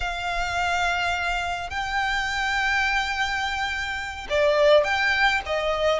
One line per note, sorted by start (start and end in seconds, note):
0.00 1.70 F5
1.70 4.27 G5
4.29 4.84 D5
4.84 5.41 G5
5.45 5.99 D#5